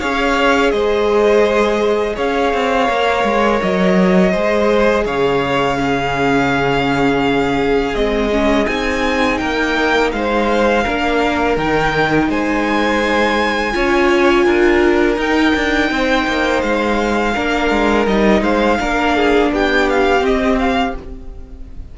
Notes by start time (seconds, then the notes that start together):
0.00 C#4 G#4 C#5 F5
0.71 G#3 C5 D#5
2.16 C#4 C#5 F5
2.54 C4
2.88 A#3 A#4
3.24 G#3
3.62 F#3 D#5
4.32 G#3 G#4 C5
5.06 C#3 C#5 F5
5.78 C#4 G#4
7.94 G#3 C4 D#5
8.31 C#4
8.67 C4 D#4 G#5
9.38 A#3 A#4 G5
10.12 G#3 C5 F5
10.84 A#3 D4 A#4
11.57 D#3 D#4 G5
12.29 G#3 C5 G#5
13.73 C#4 F4 C#5
14.45 D4 A#4
15.16 D#4 G5
15.55 D4
15.91 C4 C5
16.27 A#3
16.62 G#3 F5
17.34 A#3 D4 A#4
17.71 G#3
18.07 G3 D#4 D#5
18.42 G#3 C5 F5
18.78 A#3 D4 A#4
19.16 G#4
19.51 B3 G4 G5
19.90 F5
20.21 C4 D#5
20.59 F5